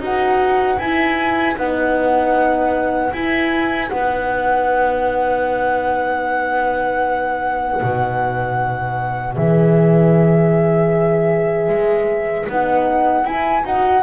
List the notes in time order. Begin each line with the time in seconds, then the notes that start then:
0.00 D#4 F#4 B4 F#5
0.79 E4 G#5
1.56 B3 D#4 F#5
3.13 E4 G#5
3.89 B3 D#4 F#5
7.82 B2
9.35 E3 G#4 E5
11.69 G#3
12.49 B3 D#4 F#5
13.25 E4 G#5
13.65 D#4 F#4 F#5